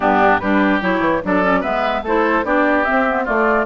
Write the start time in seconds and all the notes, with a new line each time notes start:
0.00 G2 B3 D4 G4
0.39 G3 D4 G4 B4
0.81 F#3 E4 C#5
1.00 E3
1.23 F#3 D4 A4 D5
1.42 C#4
1.60 G#3 B3 B4 E5
2.02 A3 E4 A4 C5
2.44 B3 D4 G4 D5
2.84 C4 E5
3.07 B3
3.24 A3 F4 D5